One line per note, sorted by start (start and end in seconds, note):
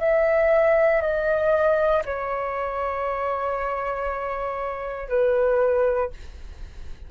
0.00 1.02 E5
1.02 2.03 D#5
2.06 5.09 C#5
5.09 6.11 B4